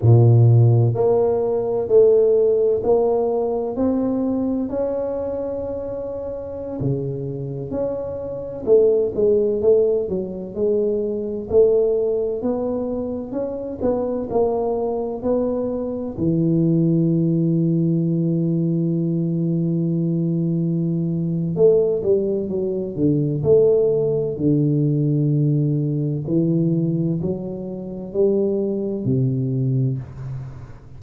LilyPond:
\new Staff \with { instrumentName = "tuba" } { \time 4/4 \tempo 4 = 64 ais,4 ais4 a4 ais4 | c'4 cis'2~ cis'16 cis8.~ | cis16 cis'4 a8 gis8 a8 fis8 gis8.~ | gis16 a4 b4 cis'8 b8 ais8.~ |
ais16 b4 e2~ e8.~ | e2. a8 g8 | fis8 d8 a4 d2 | e4 fis4 g4 c4 | }